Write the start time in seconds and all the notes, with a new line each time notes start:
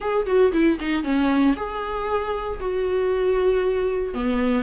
0.00 G#4
0.26 F#4
0.52 E4
0.80 D#4
1.03 C#4
1.56 G#4
2.60 F#4
4.14 B3